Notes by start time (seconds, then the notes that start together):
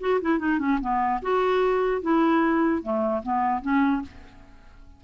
0.00 F#4
0.21 E4
0.39 D#4
0.59 C#4
0.81 B3
1.22 F#4
2.02 E4
2.82 A3
3.23 B3
3.62 C#4